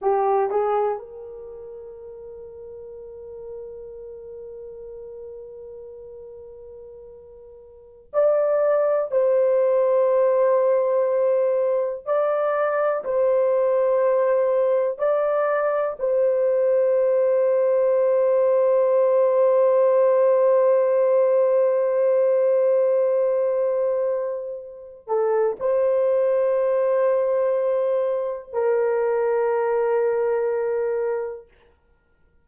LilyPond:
\new Staff \with { instrumentName = "horn" } { \time 4/4 \tempo 4 = 61 g'8 gis'8 ais'2.~ | ais'1~ | ais'16 d''4 c''2~ c''8.~ | c''16 d''4 c''2 d''8.~ |
d''16 c''2.~ c''8.~ | c''1~ | c''4. a'8 c''2~ | c''4 ais'2. | }